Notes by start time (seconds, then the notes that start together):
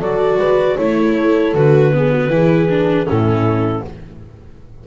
0.00 F#3 F#4 A4 D5
0.38 G#3 B4
0.76 A3 E4 C#5
1.17 A4
1.54 D3 F#4 B4
1.93 B3 G#4
2.12 F#4
2.29 E3 E4 G#4
2.69 D4
3.06 A2 C#4 E4 A4